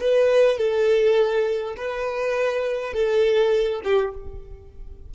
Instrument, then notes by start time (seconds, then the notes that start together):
violin
0.00 B4
0.57 A4
1.77 B4
2.93 A4
3.84 G4